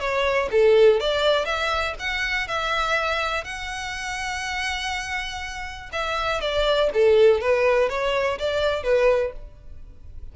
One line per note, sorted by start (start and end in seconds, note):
0.00 0.49 C#5
0.51 1.00 A4
1.00 1.46 D5
1.46 1.95 E5
1.99 2.48 F#5
2.48 3.44 E5
3.44 5.90 F#5
5.93 6.41 E5
6.41 6.91 D5
6.94 7.41 A4
7.41 7.89 B4
7.89 8.39 C#5
8.39 8.83 D5
8.83 9.33 B4